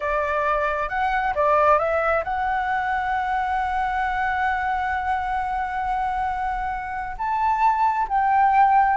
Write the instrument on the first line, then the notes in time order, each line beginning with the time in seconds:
flute
0.00 D5
0.89 F#5
1.35 D5
1.78 E5
2.23 F#5
7.18 A5
8.08 G5